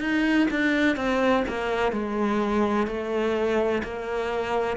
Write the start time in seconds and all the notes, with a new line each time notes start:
0.00 D#4
0.50 D4
0.96 C4
1.48 A#3
1.92 G#3
2.87 A3
3.83 A#3